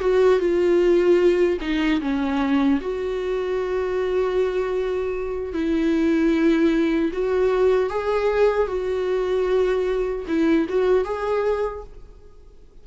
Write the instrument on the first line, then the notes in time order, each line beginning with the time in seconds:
viola
0.00 F#4
0.39 F4
1.61 D#4
2.01 C#4
2.81 F#4
5.53 E4
7.13 F#4
7.89 G#4
8.67 F#4
10.28 E4
10.69 F#4
11.05 G#4